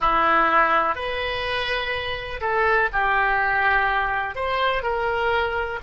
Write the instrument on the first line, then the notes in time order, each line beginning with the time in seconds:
oboe
0.00 E4
0.95 B4
2.41 A4
2.93 G4
4.35 C5
4.82 A#4